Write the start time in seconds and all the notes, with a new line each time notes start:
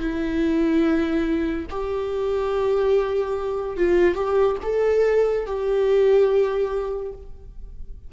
0.00 E4
1.70 G4
3.77 F4
4.15 G4
4.63 A4
5.46 G4